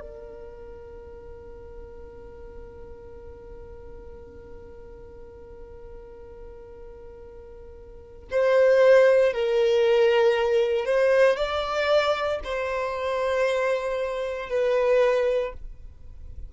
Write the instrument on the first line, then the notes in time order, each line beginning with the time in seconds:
violin
0.00 A#4
8.31 C5
9.33 A#4
10.85 C5
11.37 D5
12.44 C5
14.49 B4